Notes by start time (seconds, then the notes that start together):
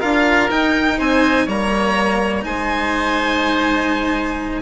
0.00 D4 F4 A#4 F5
0.50 D#4 G5
0.98 C4 C5 G#5
1.46 G3 A#3 C#5 A#5
2.42 G#3 D#4 C5 G#5